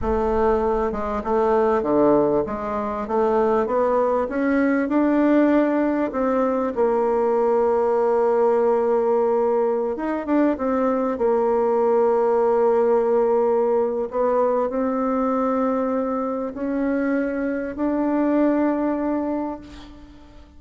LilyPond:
\new Staff \with { instrumentName = "bassoon" } { \time 4/4 \tempo 4 = 98 a4. gis8 a4 d4 | gis4 a4 b4 cis'4 | d'2 c'4 ais4~ | ais1~ |
ais16 dis'8 d'8 c'4 ais4.~ ais16~ | ais2. b4 | c'2. cis'4~ | cis'4 d'2. | }